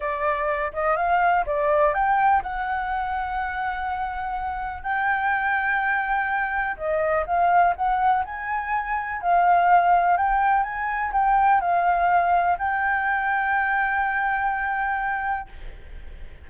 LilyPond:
\new Staff \with { instrumentName = "flute" } { \time 4/4 \tempo 4 = 124 d''4. dis''8 f''4 d''4 | g''4 fis''2.~ | fis''2 g''2~ | g''2 dis''4 f''4 |
fis''4 gis''2 f''4~ | f''4 g''4 gis''4 g''4 | f''2 g''2~ | g''1 | }